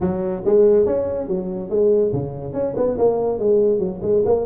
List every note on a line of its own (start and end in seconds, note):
0.00 0.43 F#3
0.45 0.86 G#3
0.86 1.27 C#4
1.27 1.69 F#3
1.69 2.11 G#3
2.13 2.53 C#3
2.53 2.74 C#4
2.76 2.97 B3
2.98 3.38 A#3
3.38 3.79 G#3
3.79 4.00 F#3
4.02 4.23 G#3
4.25 4.46 A#3